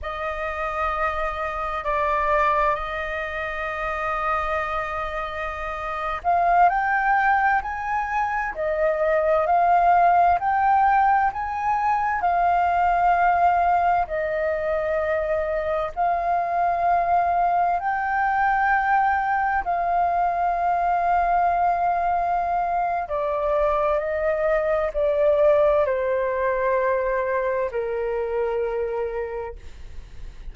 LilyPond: \new Staff \with { instrumentName = "flute" } { \time 4/4 \tempo 4 = 65 dis''2 d''4 dis''4~ | dis''2~ dis''8. f''8 g''8.~ | g''16 gis''4 dis''4 f''4 g''8.~ | g''16 gis''4 f''2 dis''8.~ |
dis''4~ dis''16 f''2 g''8.~ | g''4~ g''16 f''2~ f''8.~ | f''4 d''4 dis''4 d''4 | c''2 ais'2 | }